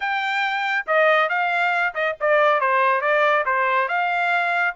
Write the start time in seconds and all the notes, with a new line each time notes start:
0.00 G5
0.86 D#5
1.29 F5
1.94 D#5
2.20 D5
2.60 C5
3.01 D5
3.45 C5
3.88 F5